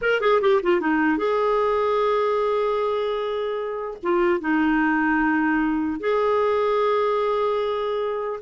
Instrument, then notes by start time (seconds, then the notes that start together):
clarinet
0.01 A#4
0.20 G#4
0.41 G4
0.62 F4
0.80 D#4
1.17 G#4
4.02 F4
4.40 D#4
6.00 G#4